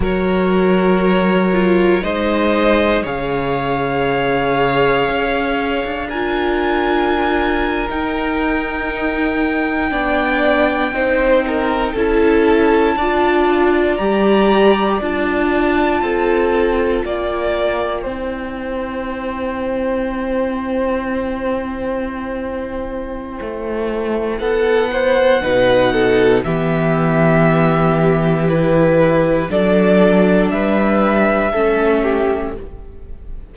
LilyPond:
<<
  \new Staff \with { instrumentName = "violin" } { \time 4/4 \tempo 4 = 59 cis''2 dis''4 f''4~ | f''2 gis''4.~ gis''16 g''16~ | g''2.~ g''8. a''16~ | a''4.~ a''16 ais''4 a''4~ a''16~ |
a''8. g''2.~ g''16~ | g''1 | fis''2 e''2 | b'4 d''4 e''2 | }
  \new Staff \with { instrumentName = "violin" } { \time 4/4 ais'2 c''4 cis''4~ | cis''2 ais'2~ | ais'4.~ ais'16 d''4 c''8 ais'8 a'16~ | a'8. d''2. a'16~ |
a'8. d''4 c''2~ c''16~ | c''1 | a'8 c''8 b'8 a'8 g'2~ | g'4 a'4 b'4 a'8 g'8 | }
  \new Staff \with { instrumentName = "viola" } { \time 4/4 fis'4. f'8 dis'4 gis'4~ | gis'2 f'4.~ f'16 dis'16~ | dis'4.~ dis'16 d'4 dis'4 e'16~ | e'8. f'4 g'4 f'4~ f'16~ |
f'4.~ f'16 e'2~ e'16~ | e'1~ | e'4 dis'4 b2 | e'4 d'2 cis'4 | }
  \new Staff \with { instrumentName = "cello" } { \time 4/4 fis2 gis4 cis4~ | cis4 cis'8. d'2 dis'16~ | dis'4.~ dis'16 b4 c'4 cis'16~ | cis'8. d'4 g4 d'4 c'16~ |
c'8. ais4 c'2~ c'16~ | c'2. a4 | b4 b,4 e2~ | e4 fis4 g4 a4 | }
>>